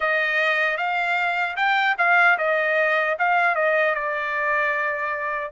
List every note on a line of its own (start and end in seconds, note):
0.00 0.77 D#5
0.77 1.56 F5
1.56 1.95 G5
1.97 2.37 F5
2.38 3.17 D#5
3.18 3.55 F5
3.55 3.94 D#5
3.95 5.51 D5